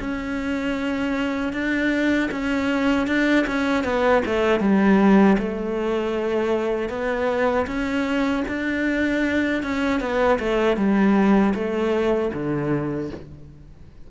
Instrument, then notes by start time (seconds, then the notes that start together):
cello
0.00 C#4
1.53 D4
2.32 C#4
3.08 D4
3.47 C#4
3.84 B3
4.26 A3
4.60 G3
5.39 A3
6.90 B3
7.67 C#4
8.48 D4
9.63 C#4
10.01 B3
10.40 A3
10.77 G3
11.55 A3
12.34 D3